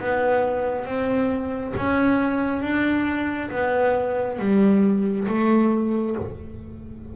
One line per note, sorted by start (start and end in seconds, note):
0.00 0.86 B3
0.86 1.74 C4
1.77 2.62 C#4
2.62 3.51 D4
3.51 4.39 B3
4.40 5.28 G3
5.28 6.16 A3